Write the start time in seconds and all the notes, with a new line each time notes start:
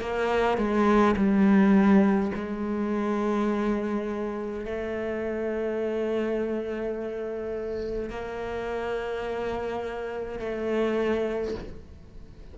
0.00 A#3
0.57 G#3
1.16 G3
2.34 G#3
4.65 A3
8.09 A#3
10.39 A3